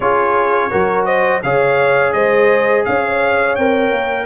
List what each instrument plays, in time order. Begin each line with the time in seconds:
0.00 tuba C#4, trombone F4, horn G#4, trumpet C#5
0.70 tuba F#3, trombone F#4, horn A#4
1.05 horn C5, trumpet D#5
1.42 tuba C#3, trombone G#4, horn C#5, trumpet F5
2.12 tuba G#3, horn C5, trumpet D#5
2.85 tuba C#4, horn C#5, trumpet F5
3.55 tuba C4, trombone A#4, trumpet G5
3.91 tuba A#3